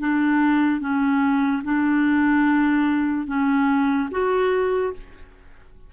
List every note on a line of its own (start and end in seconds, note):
0.00 0.80 D4
0.80 1.63 C#4
1.64 3.27 D4
3.27 4.09 C#4
4.11 4.93 F#4